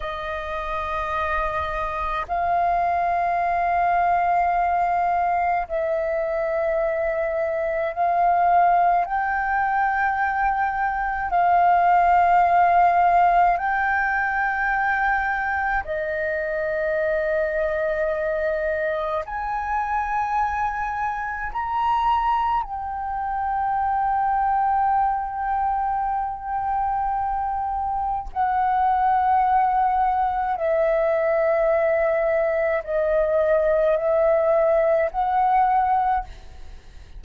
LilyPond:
\new Staff \with { instrumentName = "flute" } { \time 4/4 \tempo 4 = 53 dis''2 f''2~ | f''4 e''2 f''4 | g''2 f''2 | g''2 dis''2~ |
dis''4 gis''2 ais''4 | g''1~ | g''4 fis''2 e''4~ | e''4 dis''4 e''4 fis''4 | }